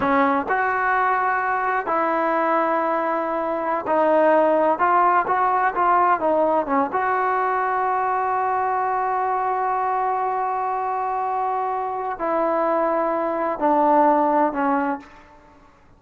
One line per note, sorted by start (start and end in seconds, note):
0.00 0.46 C#4
0.48 1.86 F#4
1.86 3.85 E4
3.86 4.78 D#4
4.78 5.25 F4
5.27 5.74 F#4
5.74 6.20 F4
6.20 6.66 D#4
6.66 6.89 C#4
6.92 12.19 F#4
12.19 13.59 E4
13.59 14.52 D4
14.52 14.99 C#4